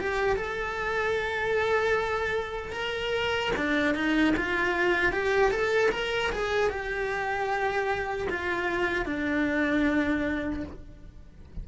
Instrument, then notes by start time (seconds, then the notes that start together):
cello
0.00 G4
0.37 A4
2.73 A#4
3.56 D4
3.95 D#4
4.37 F4
5.12 G4
5.51 A4
5.92 A#4
6.32 G#4
6.70 G4
8.30 F4
9.06 D4